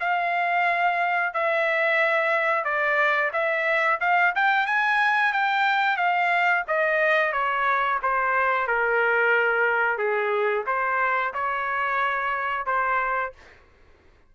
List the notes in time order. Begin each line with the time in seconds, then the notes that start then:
0.00 F5
1.34 E5
2.64 D5
3.33 E5
4.00 F5
4.35 G5
4.66 G#5
5.33 G5
5.97 F5
6.68 D#5
7.32 C#5
8.02 C5
8.67 A#4
9.98 G#4
10.66 C5
11.33 C#5
12.66 C5